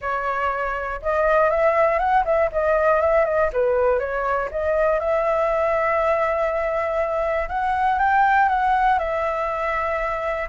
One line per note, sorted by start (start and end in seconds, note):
0.01 1.01 C#5
1.02 1.50 D#5
1.50 1.99 E5
1.99 2.24 F#5
2.25 2.50 E5
2.52 3.00 D#5
3.00 3.25 E5
3.25 3.50 D#5
3.52 3.99 B4
3.99 4.49 C#5
4.51 4.99 D#5
4.99 7.48 E5
7.48 7.98 F#5
7.98 8.48 G5
8.48 8.98 F#5
8.98 10.48 E5